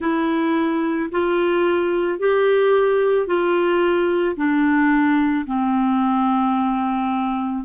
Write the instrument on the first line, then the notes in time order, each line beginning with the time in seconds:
clarinet
0.00 E4
1.12 F4
2.19 G4
3.26 F4
4.36 D4
5.46 C4